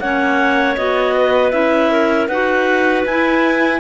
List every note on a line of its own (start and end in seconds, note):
0.00 0.77 A#3
0.00 0.78 C#4
0.00 1.16 C#5
0.00 0.76 F#5
0.76 1.53 B3
0.76 1.52 F#4
0.76 1.52 D#5
1.16 1.91 B4
1.52 2.29 C#4
1.52 2.28 E4
1.52 2.28 E5
1.91 2.28 A#4
2.28 3.05 D#4
2.28 3.08 F#4
2.28 3.80 B4
2.28 3.04 F#5
3.06 3.80 E4
3.06 3.80 G#5